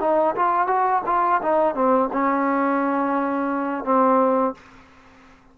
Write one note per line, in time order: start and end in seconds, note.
0.00 0.35 D#4
0.35 0.67 F4
0.67 1.02 F#4
1.06 1.41 F4
1.42 1.75 D#4
1.75 2.10 C4
2.12 3.84 C#4
3.84 4.54 C4